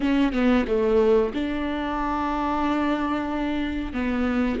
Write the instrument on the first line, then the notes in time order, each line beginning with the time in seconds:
viola
0.00 C#4
0.32 B3
0.67 A3
1.34 D4
3.93 B3